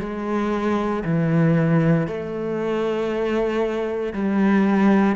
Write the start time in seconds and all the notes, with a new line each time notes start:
0.00 G#3
1.05 E3
2.08 A3
4.14 G3